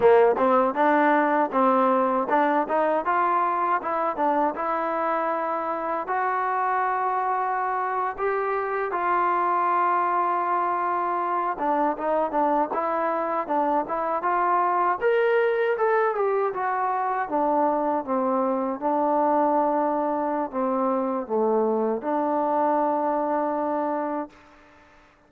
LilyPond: \new Staff \with { instrumentName = "trombone" } { \time 4/4 \tempo 4 = 79 ais8 c'8 d'4 c'4 d'8 dis'8 | f'4 e'8 d'8 e'2 | fis'2~ fis'8. g'4 f'16~ | f'2.~ f'16 d'8 dis'16~ |
dis'16 d'8 e'4 d'8 e'8 f'4 ais'16~ | ais'8. a'8 g'8 fis'4 d'4 c'16~ | c'8. d'2~ d'16 c'4 | a4 d'2. | }